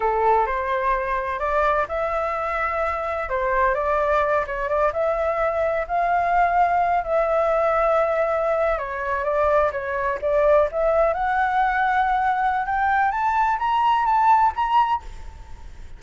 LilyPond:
\new Staff \with { instrumentName = "flute" } { \time 4/4 \tempo 4 = 128 a'4 c''2 d''4 | e''2. c''4 | d''4. cis''8 d''8 e''4.~ | e''8 f''2~ f''8 e''4~ |
e''2~ e''8. cis''4 d''16~ | d''8. cis''4 d''4 e''4 fis''16~ | fis''2. g''4 | a''4 ais''4 a''4 ais''4 | }